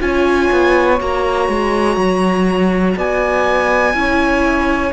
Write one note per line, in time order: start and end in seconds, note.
0.00 0.50 C#4
0.00 0.98 F4
0.00 2.96 C#5
0.00 1.00 G#5
0.52 1.00 B3
0.99 1.49 A#3
0.99 3.94 F#4
0.99 2.98 A#5
1.49 1.97 G#3
1.97 2.95 F#3
2.96 3.94 B3
2.96 3.94 D5
2.96 4.93 G#5
3.94 4.93 C#4
3.94 4.92 E4
3.94 4.93 C#5